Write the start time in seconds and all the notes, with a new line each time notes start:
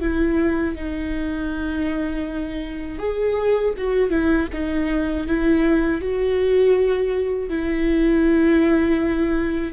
0.00 E4
0.75 D#4
2.98 G#4
3.77 F#4
4.10 E4
4.52 D#4
5.27 E4
6.01 F#4
7.49 E4